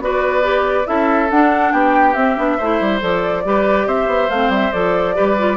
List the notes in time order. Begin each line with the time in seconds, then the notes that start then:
0.00 B3 F#4 B4 D5
0.42 G4
0.86 C#4 E4 A4 E5
1.30 D4 F#5
1.72 B3 G4 G5
2.14 C4 E5
2.37 B3 D4
2.57 A3 E4 C5
2.80 G3
3.00 F3 A4 D5
3.45 G3 G4 B4
3.86 C4 C5 E5
4.07 B3
4.30 A3 C4 F5
4.49 G3 E5
4.72 F3 A4 D5
5.15 G3 G4 B4
5.38 F4